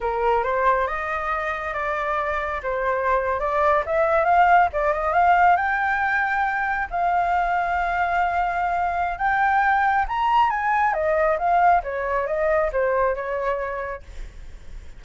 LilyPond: \new Staff \with { instrumentName = "flute" } { \time 4/4 \tempo 4 = 137 ais'4 c''4 dis''2 | d''2 c''4.~ c''16 d''16~ | d''8. e''4 f''4 d''8 dis''8 f''16~ | f''8. g''2. f''16~ |
f''1~ | f''4 g''2 ais''4 | gis''4 dis''4 f''4 cis''4 | dis''4 c''4 cis''2 | }